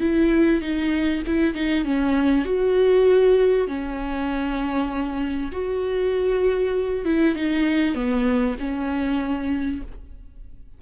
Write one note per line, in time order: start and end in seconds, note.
0.00 0.61 E4
0.61 1.22 D#4
1.26 1.54 E4
1.54 1.84 D#4
1.84 2.44 C#4
2.44 3.67 F#4
3.67 5.51 C#4
5.51 7.04 F#4
7.05 7.35 E4
7.35 7.94 D#4
7.94 8.55 B3
8.59 9.81 C#4